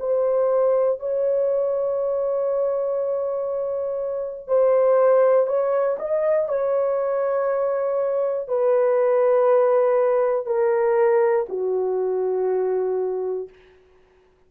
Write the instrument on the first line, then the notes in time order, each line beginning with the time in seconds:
horn
0.00 C5
1.00 C#5
4.48 C5
5.47 C#5
5.99 D#5
6.49 C#5
8.48 B4
10.46 A#4
11.49 F#4